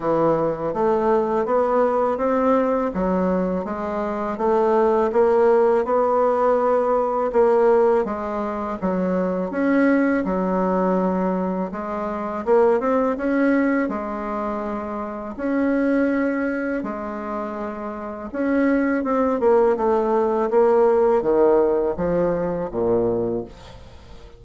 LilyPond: \new Staff \with { instrumentName = "bassoon" } { \time 4/4 \tempo 4 = 82 e4 a4 b4 c'4 | fis4 gis4 a4 ais4 | b2 ais4 gis4 | fis4 cis'4 fis2 |
gis4 ais8 c'8 cis'4 gis4~ | gis4 cis'2 gis4~ | gis4 cis'4 c'8 ais8 a4 | ais4 dis4 f4 ais,4 | }